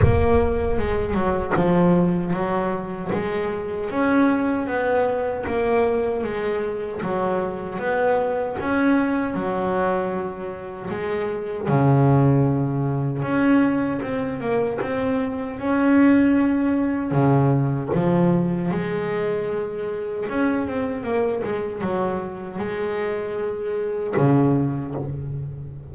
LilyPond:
\new Staff \with { instrumentName = "double bass" } { \time 4/4 \tempo 4 = 77 ais4 gis8 fis8 f4 fis4 | gis4 cis'4 b4 ais4 | gis4 fis4 b4 cis'4 | fis2 gis4 cis4~ |
cis4 cis'4 c'8 ais8 c'4 | cis'2 cis4 f4 | gis2 cis'8 c'8 ais8 gis8 | fis4 gis2 cis4 | }